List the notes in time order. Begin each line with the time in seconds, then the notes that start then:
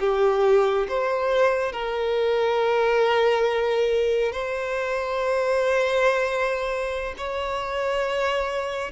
0.00 G4
0.88 C5
1.72 A#4
4.32 C5
7.17 C#5